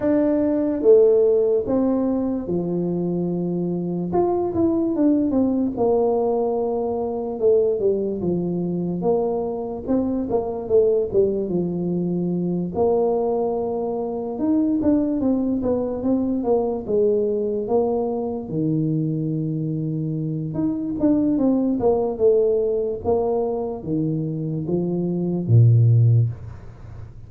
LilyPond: \new Staff \with { instrumentName = "tuba" } { \time 4/4 \tempo 4 = 73 d'4 a4 c'4 f4~ | f4 f'8 e'8 d'8 c'8 ais4~ | ais4 a8 g8 f4 ais4 | c'8 ais8 a8 g8 f4. ais8~ |
ais4. dis'8 d'8 c'8 b8 c'8 | ais8 gis4 ais4 dis4.~ | dis4 dis'8 d'8 c'8 ais8 a4 | ais4 dis4 f4 ais,4 | }